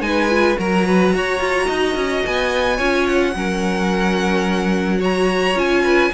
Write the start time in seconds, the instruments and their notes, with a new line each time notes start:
0.00 cello G#3, viola D#4, violin B4 G#5
0.29 viola F4
0.57 cello F#3, viola F#4, violin A#4 A#5
0.86 violin B4
1.13 cello F#4, violin C#5
1.40 cello F4
1.66 cello D#4, violin D#5
1.95 cello C#4
2.25 cello B3, violin G#5
2.76 cello C#4, viola F4, violin C#5
3.06 violin F#5
3.34 cello F#3, viola C#4, violin A#4
4.98 viola F#4, violin C#5 A#5
5.55 cello C#4, viola F4, violin G#5
5.83 violin B4